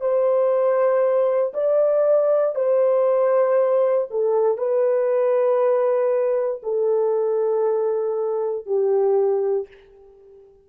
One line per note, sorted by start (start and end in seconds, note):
0.00 1.53 C5
1.53 2.55 D5
2.55 4.07 C5
4.10 4.57 A4
4.57 6.61 B4
6.63 8.66 A4
8.66 9.67 G4